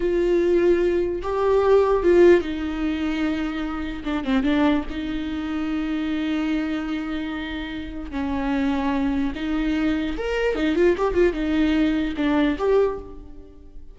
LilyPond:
\new Staff \with { instrumentName = "viola" } { \time 4/4 \tempo 4 = 148 f'2. g'4~ | g'4 f'4 dis'2~ | dis'2 d'8 c'8 d'4 | dis'1~ |
dis'1 | cis'2. dis'4~ | dis'4 ais'4 dis'8 f'8 g'8 f'8 | dis'2 d'4 g'4 | }